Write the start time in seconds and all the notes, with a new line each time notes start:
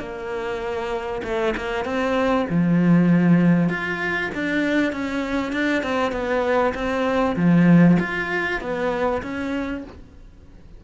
0.00 A#3
1.24 A3
1.57 A#3
1.85 C4
2.50 F3
3.70 F4
4.35 D4
4.93 C#4
5.53 D4
5.83 C4
6.12 B3
6.75 C4
7.36 F3
8.00 F4
8.61 B3
9.23 C#4